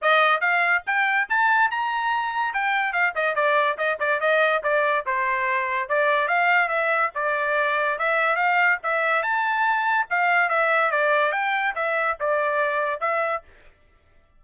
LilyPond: \new Staff \with { instrumentName = "trumpet" } { \time 4/4 \tempo 4 = 143 dis''4 f''4 g''4 a''4 | ais''2 g''4 f''8 dis''8 | d''4 dis''8 d''8 dis''4 d''4 | c''2 d''4 f''4 |
e''4 d''2 e''4 | f''4 e''4 a''2 | f''4 e''4 d''4 g''4 | e''4 d''2 e''4 | }